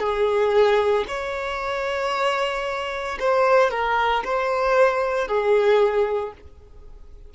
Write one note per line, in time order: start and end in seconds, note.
0.00 1.05 G#4
1.08 3.18 C#5
3.20 3.71 C5
3.71 4.23 A#4
4.24 5.28 C5
5.28 6.33 G#4